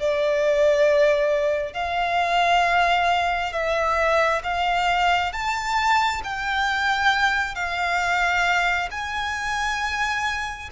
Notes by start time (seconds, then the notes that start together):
0.00 D5
1.74 F5
3.53 E5
4.44 F5
5.33 A5
6.24 G5
7.55 F5
8.91 G#5